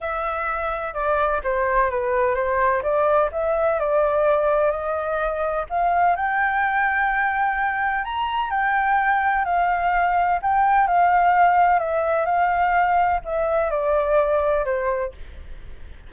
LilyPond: \new Staff \with { instrumentName = "flute" } { \time 4/4 \tempo 4 = 127 e''2 d''4 c''4 | b'4 c''4 d''4 e''4 | d''2 dis''2 | f''4 g''2.~ |
g''4 ais''4 g''2 | f''2 g''4 f''4~ | f''4 e''4 f''2 | e''4 d''2 c''4 | }